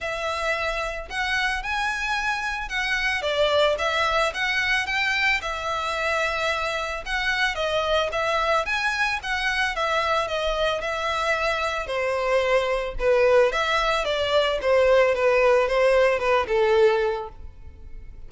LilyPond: \new Staff \with { instrumentName = "violin" } { \time 4/4 \tempo 4 = 111 e''2 fis''4 gis''4~ | gis''4 fis''4 d''4 e''4 | fis''4 g''4 e''2~ | e''4 fis''4 dis''4 e''4 |
gis''4 fis''4 e''4 dis''4 | e''2 c''2 | b'4 e''4 d''4 c''4 | b'4 c''4 b'8 a'4. | }